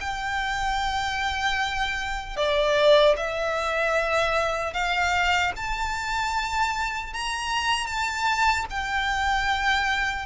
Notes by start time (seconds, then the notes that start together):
0.00 G5
2.36 D5
3.17 E5
4.73 F5
5.56 A5
7.13 A#5
7.86 A5
8.70 G5